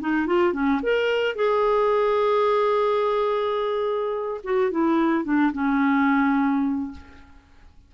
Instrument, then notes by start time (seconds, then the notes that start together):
clarinet
0.00 D#4
0.27 F4
0.53 C#4
0.83 A#4
1.35 G#4
4.44 F#4
4.71 E4
5.24 D4
5.53 C#4